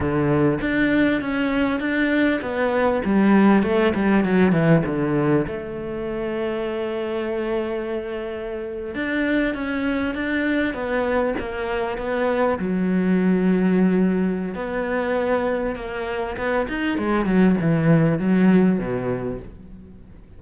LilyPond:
\new Staff \with { instrumentName = "cello" } { \time 4/4 \tempo 4 = 99 d4 d'4 cis'4 d'4 | b4 g4 a8 g8 fis8 e8 | d4 a2.~ | a2~ a8. d'4 cis'16~ |
cis'8. d'4 b4 ais4 b16~ | b8. fis2.~ fis16 | b2 ais4 b8 dis'8 | gis8 fis8 e4 fis4 b,4 | }